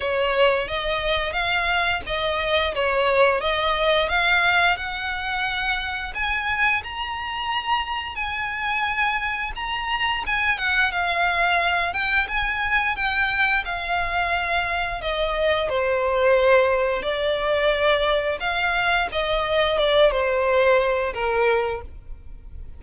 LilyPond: \new Staff \with { instrumentName = "violin" } { \time 4/4 \tempo 4 = 88 cis''4 dis''4 f''4 dis''4 | cis''4 dis''4 f''4 fis''4~ | fis''4 gis''4 ais''2 | gis''2 ais''4 gis''8 fis''8 |
f''4. g''8 gis''4 g''4 | f''2 dis''4 c''4~ | c''4 d''2 f''4 | dis''4 d''8 c''4. ais'4 | }